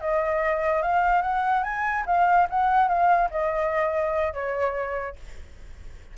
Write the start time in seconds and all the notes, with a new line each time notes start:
0.00 D#5
0.82 F5
1.22 F#5
1.63 G#5
2.06 F5
2.50 F#5
2.88 F5
3.30 D#5
4.33 C#5